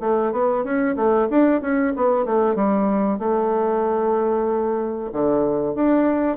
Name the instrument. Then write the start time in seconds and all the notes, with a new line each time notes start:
bassoon
0.00 A3
0.32 B3
0.64 C#4
0.96 A3
1.30 D4
1.62 C#4
1.96 B3
2.25 A3
2.56 G3
3.19 A3
5.13 D3
5.75 D4